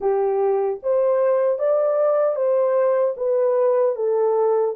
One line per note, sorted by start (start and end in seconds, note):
0.00 0.79 G4
0.83 1.59 C5
1.59 2.35 D5
2.35 3.14 C5
3.17 3.95 B4
3.95 4.74 A4